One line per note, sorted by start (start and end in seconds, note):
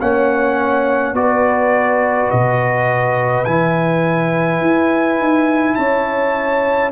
0.00 1.12 A#3
0.00 1.14 C#4
0.00 1.16 C#5
0.00 1.15 F#5
1.12 2.27 B3
1.12 3.45 F#4
1.12 5.77 B4
1.12 2.31 D5
2.31 3.45 B2
2.31 3.44 D#5
3.44 4.61 E3
3.44 6.92 E4
3.44 5.75 G#5
4.61 5.18 E4
5.19 5.76 D#4
5.75 6.92 C#4
5.75 6.92 C#5
5.75 6.90 A5